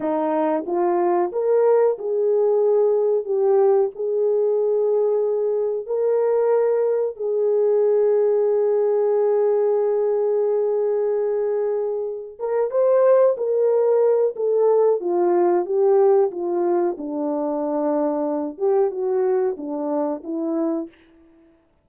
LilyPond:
\new Staff \with { instrumentName = "horn" } { \time 4/4 \tempo 4 = 92 dis'4 f'4 ais'4 gis'4~ | gis'4 g'4 gis'2~ | gis'4 ais'2 gis'4~ | gis'1~ |
gis'2. ais'8 c''8~ | c''8 ais'4. a'4 f'4 | g'4 f'4 d'2~ | d'8 g'8 fis'4 d'4 e'4 | }